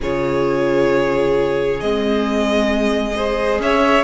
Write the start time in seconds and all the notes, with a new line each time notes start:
0.01 C#3 F4 G#4 C#5
1.80 G#3 C4 D#5
3.15 G#4 C5
3.59 C#4 C#5 E5